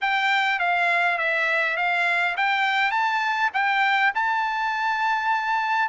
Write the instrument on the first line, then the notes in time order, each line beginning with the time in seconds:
trumpet
0.01 G5
0.59 F5
1.18 E5
1.76 F5
2.36 G5
2.91 A5
3.53 G5
4.14 A5